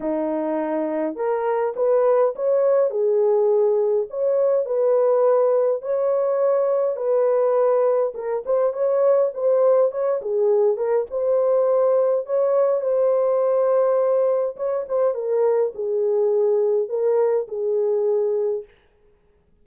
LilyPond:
\new Staff \with { instrumentName = "horn" } { \time 4/4 \tempo 4 = 103 dis'2 ais'4 b'4 | cis''4 gis'2 cis''4 | b'2 cis''2 | b'2 ais'8 c''8 cis''4 |
c''4 cis''8 gis'4 ais'8 c''4~ | c''4 cis''4 c''2~ | c''4 cis''8 c''8 ais'4 gis'4~ | gis'4 ais'4 gis'2 | }